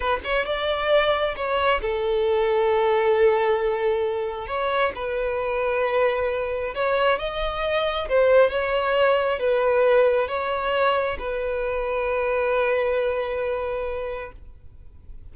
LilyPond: \new Staff \with { instrumentName = "violin" } { \time 4/4 \tempo 4 = 134 b'8 cis''8 d''2 cis''4 | a'1~ | a'2 cis''4 b'4~ | b'2. cis''4 |
dis''2 c''4 cis''4~ | cis''4 b'2 cis''4~ | cis''4 b'2.~ | b'1 | }